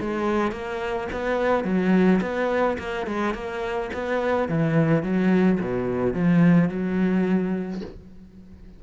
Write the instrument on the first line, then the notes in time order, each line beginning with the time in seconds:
cello
0.00 G#3
0.52 A#3
1.12 B3
1.64 F#3
2.21 B3
2.78 A#3
3.06 G#3
3.34 A#3
3.93 B3
4.48 E3
5.03 F#3
5.60 B2
6.14 F3
6.69 F#3